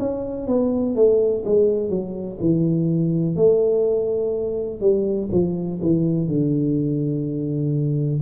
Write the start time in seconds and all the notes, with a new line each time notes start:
0.00 C#4
0.48 B3
0.96 A3
1.45 G#3
1.90 F#3
2.41 E3
3.36 A3
4.81 G3
5.32 F3
5.82 E3
6.28 D3